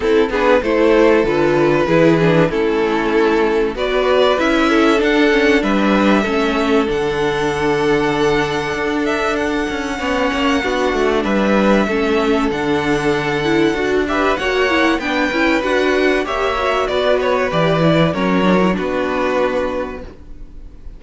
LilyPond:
<<
  \new Staff \with { instrumentName = "violin" } { \time 4/4 \tempo 4 = 96 a'8 b'8 c''4 b'2 | a'2 d''4 e''4 | fis''4 e''2 fis''4~ | fis''2~ fis''8 e''8 fis''4~ |
fis''2 e''2 | fis''2~ fis''8 e''8 fis''4 | g''4 fis''4 e''4 d''8 cis''8 | d''4 cis''4 b'2 | }
  \new Staff \with { instrumentName = "violin" } { \time 4/4 e'8 gis'8 a'2 gis'4 | e'2 b'4. a'8~ | a'4 b'4 a'2~ | a'1 |
cis''4 fis'4 b'4 a'4~ | a'2~ a'8 b'8 cis''4 | b'2 cis''4 b'4~ | b'4 ais'4 fis'2 | }
  \new Staff \with { instrumentName = "viola" } { \time 4/4 c'8 d'8 e'4 f'4 e'8 d'8 | cis'2 fis'4 e'4 | d'8 cis'8 d'4 cis'4 d'4~ | d'1 |
cis'4 d'2 cis'4 | d'4. e'8 fis'8 g'8 fis'8 e'8 | d'8 e'8 fis'4 g'8 fis'4. | g'8 e'8 cis'8 d'16 e'16 d'2 | }
  \new Staff \with { instrumentName = "cello" } { \time 4/4 c'8 b8 a4 d4 e4 | a2 b4 cis'4 | d'4 g4 a4 d4~ | d2 d'4. cis'8 |
b8 ais8 b8 a8 g4 a4 | d2 d'4 ais4 | b8 cis'8 d'4 ais4 b4 | e4 fis4 b2 | }
>>